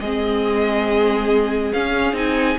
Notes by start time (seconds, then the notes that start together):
0.00 G#3 C4 G#4 D#5
1.73 C#4 F5
2.13 C4 D#4 G#5